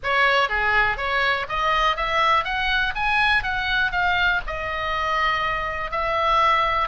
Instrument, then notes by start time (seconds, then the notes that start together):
oboe
0.03 C#5
0.48 G#4
0.97 C#5
1.48 D#5
1.96 E5
2.44 F#5
2.95 G#5
3.43 F#5
3.91 F5
4.46 D#5
5.91 E5